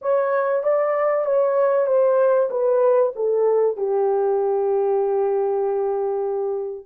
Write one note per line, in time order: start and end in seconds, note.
0.01 0.62 C#5
0.62 1.25 D5
1.25 1.86 C#5
1.86 2.49 C5
2.50 3.12 B4
3.15 3.77 A4
3.77 6.86 G4